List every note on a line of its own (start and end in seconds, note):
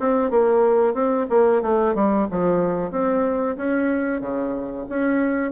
0.00 0.31 C4
0.31 0.94 A#3
0.94 1.27 C4
1.30 1.62 A#3
1.62 1.95 A3
1.95 2.28 G3
2.31 2.91 F3
2.91 3.57 C4
3.57 4.21 C#4
4.21 4.86 C#3
4.90 5.52 C#4